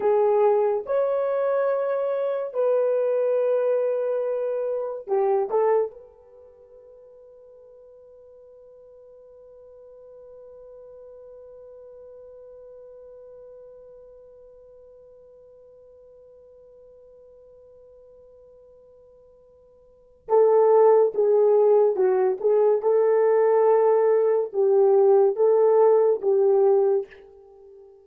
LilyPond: \new Staff \with { instrumentName = "horn" } { \time 4/4 \tempo 4 = 71 gis'4 cis''2 b'4~ | b'2 g'8 a'8 b'4~ | b'1~ | b'1~ |
b'1~ | b'1 | a'4 gis'4 fis'8 gis'8 a'4~ | a'4 g'4 a'4 g'4 | }